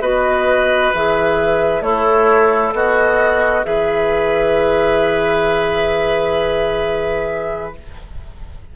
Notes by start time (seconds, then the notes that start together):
0.00 B3 F#4 B4 D#5
0.94 E3 G#4 E5
1.81 A3 E4 A4 C#5
2.73 B3 F#4 D#5
3.64 E3 G#4 B4 E5